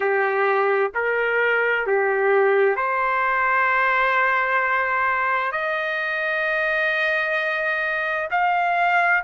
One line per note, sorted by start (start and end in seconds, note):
0.00 0.91 G4
0.94 1.86 A#4
1.86 2.76 G4
2.76 5.51 C5
5.51 8.28 D#5
8.31 9.23 F5